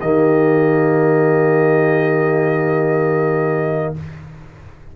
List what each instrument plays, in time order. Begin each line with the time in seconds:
0.00 tuba D#3, trombone A#3, horn G4, trumpet D#5